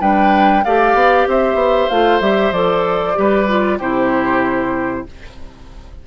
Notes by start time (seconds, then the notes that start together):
0.00 G3 D4 B4 G5
0.64 A3 G4 D5 F5
0.94 B3
1.27 C4 C5 E5
1.54 B3
1.88 A3 F4 F5
2.21 G3 G4 E5
2.51 F3 A4 D5
3.14 G3 G4 B4
3.48 F4
3.78 C3 E4 G4 C5